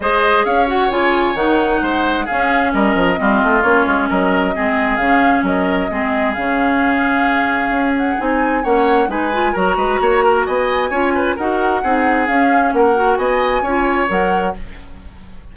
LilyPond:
<<
  \new Staff \with { instrumentName = "flute" } { \time 4/4 \tempo 4 = 132 dis''4 f''8 fis''8 gis''4 fis''4~ | fis''4 f''4 dis''2 | cis''4 dis''2 f''4 | dis''2 f''2~ |
f''4. fis''8 gis''4 fis''4 | gis''4 ais''2 gis''4~ | gis''4 fis''2 f''4 | fis''4 gis''2 fis''4 | }
  \new Staff \with { instrumentName = "oboe" } { \time 4/4 c''4 cis''2. | c''4 gis'4 ais'4 f'4~ | f'4 ais'4 gis'2 | ais'4 gis'2.~ |
gis'2. cis''4 | b'4 ais'8 b'8 cis''8 ais'8 dis''4 | cis''8 b'8 ais'4 gis'2 | ais'4 dis''4 cis''2 | }
  \new Staff \with { instrumentName = "clarinet" } { \time 4/4 gis'4. fis'8 f'4 dis'4~ | dis'4 cis'2 c'4 | cis'2 c'4 cis'4~ | cis'4 c'4 cis'2~ |
cis'2 dis'4 cis'4 | dis'8 f'8 fis'2. | f'4 fis'4 dis'4 cis'4~ | cis'8 fis'4. f'4 ais'4 | }
  \new Staff \with { instrumentName = "bassoon" } { \time 4/4 gis4 cis'4 cis4 dis4 | gis4 cis'4 g8 f8 g8 a8 | ais8 gis8 fis4 gis4 cis4 | fis4 gis4 cis2~ |
cis4 cis'4 c'4 ais4 | gis4 fis8 gis8 ais4 b4 | cis'4 dis'4 c'4 cis'4 | ais4 b4 cis'4 fis4 | }
>>